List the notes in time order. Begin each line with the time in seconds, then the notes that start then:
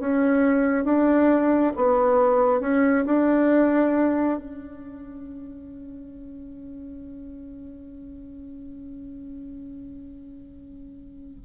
0.00 C#4
0.85 D4
1.76 B3
2.61 C#4
3.06 D4
4.38 C#4